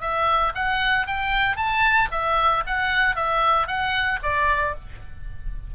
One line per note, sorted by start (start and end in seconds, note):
0.00 0.52 E5
0.55 1.06 F#5
1.06 1.56 G5
1.56 2.08 A5
2.11 2.63 E5
2.66 3.15 F#5
3.15 3.67 E5
3.67 4.19 F#5
4.22 4.75 D5